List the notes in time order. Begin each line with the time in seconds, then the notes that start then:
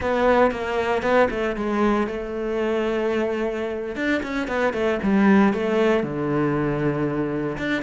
0.00 B3
0.51 A#3
1.02 B3
1.30 A3
1.56 G#3
2.07 A3
3.95 D4
4.23 C#4
4.47 B3
4.73 A3
5.02 G3
5.53 A3
6.03 D3
7.57 D4